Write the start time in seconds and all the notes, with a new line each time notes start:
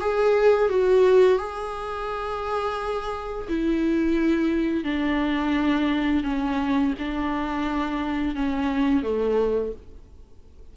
0.00 G#4
0.69 F#4
1.38 G#4
3.48 E4
4.84 D4
6.23 C#4
6.98 D4
8.35 C#4
9.02 A3